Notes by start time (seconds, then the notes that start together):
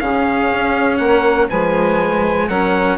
0.00 C#3 C#4 G#4 F5
0.53 C#4
0.97 A#3 A#4 F#5
1.49 F3 G#3 B4 G#5
2.49 F#3 C#4 A#4 F#5